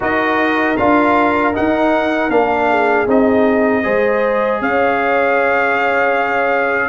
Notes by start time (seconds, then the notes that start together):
0.00 D#4 F#4 A#4 D#5
0.76 D4 F4 F5
1.53 D#4 F#5
2.29 A#3 D4 F5
2.70 G#4
3.06 C4 D#4 D#5
3.83 G#3 G#4 C5
4.61 C#4 C#5 F5